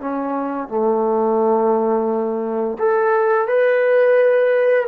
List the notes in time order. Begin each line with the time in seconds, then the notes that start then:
0.00 C#4
0.68 A3
2.79 A4
3.48 B4